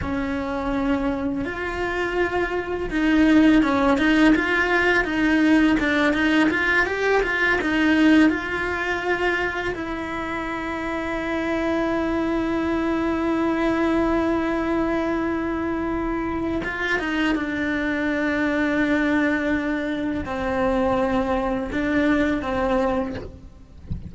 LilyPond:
\new Staff \with { instrumentName = "cello" } { \time 4/4 \tempo 4 = 83 cis'2 f'2 | dis'4 cis'8 dis'8 f'4 dis'4 | d'8 dis'8 f'8 g'8 f'8 dis'4 f'8~ | f'4. e'2~ e'8~ |
e'1~ | e'2. f'8 dis'8 | d'1 | c'2 d'4 c'4 | }